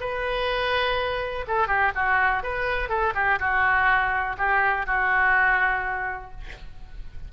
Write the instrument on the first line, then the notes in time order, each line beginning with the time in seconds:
oboe
0.00 B4
1.47 A4
1.68 G4
1.95 F#4
2.43 B4
2.89 A4
3.15 G4
3.39 F#4
4.37 G4
4.86 F#4